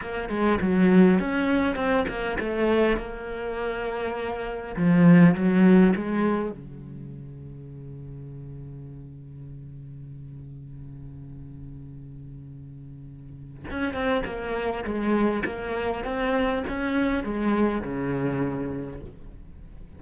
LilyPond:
\new Staff \with { instrumentName = "cello" } { \time 4/4 \tempo 4 = 101 ais8 gis8 fis4 cis'4 c'8 ais8 | a4 ais2. | f4 fis4 gis4 cis4~ | cis1~ |
cis1~ | cis2. cis'8 c'8 | ais4 gis4 ais4 c'4 | cis'4 gis4 cis2 | }